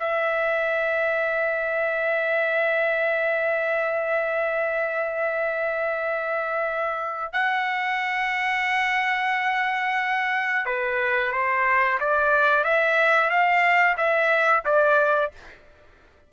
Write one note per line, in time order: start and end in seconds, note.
0.00 7.33 E5
7.33 10.66 F#5
10.66 11.32 B4
11.32 11.99 C5
12.01 12.64 D5
12.64 13.30 E5
13.30 13.97 F5
13.97 14.64 E5
14.65 15.32 D5